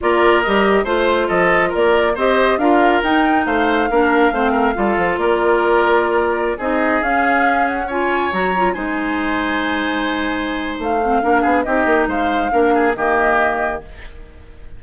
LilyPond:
<<
  \new Staff \with { instrumentName = "flute" } { \time 4/4 \tempo 4 = 139 d''4 dis''4 c''4 dis''4 | d''4 dis''4 f''4 g''4 | f''1 | d''2.~ d''16 dis''8.~ |
dis''16 f''4. fis''8 gis''4 ais''8.~ | ais''16 gis''2.~ gis''8.~ | gis''4 f''2 dis''4 | f''2 dis''2 | }
  \new Staff \with { instrumentName = "oboe" } { \time 4/4 ais'2 c''4 a'4 | ais'4 c''4 ais'2 | c''4 ais'4 c''8 ais'8 a'4 | ais'2.~ ais'16 gis'8.~ |
gis'2~ gis'16 cis''4.~ cis''16~ | cis''16 c''2.~ c''8.~ | c''2 ais'8 gis'8 g'4 | c''4 ais'8 gis'8 g'2 | }
  \new Staff \with { instrumentName = "clarinet" } { \time 4/4 f'4 g'4 f'2~ | f'4 g'4 f'4 dis'4~ | dis'4 d'4 c'4 f'4~ | f'2.~ f'16 dis'8.~ |
dis'16 cis'2 f'4 fis'8 f'16~ | f'16 dis'2.~ dis'8.~ | dis'4. c'8 d'4 dis'4~ | dis'4 d'4 ais2 | }
  \new Staff \with { instrumentName = "bassoon" } { \time 4/4 ais4 g4 a4 f4 | ais4 c'4 d'4 dis'4 | a4 ais4 a4 g8 f8 | ais2.~ ais16 c'8.~ |
c'16 cis'2. fis8.~ | fis16 gis2.~ gis8.~ | gis4 a4 ais8 b8 c'8 ais8 | gis4 ais4 dis2 | }
>>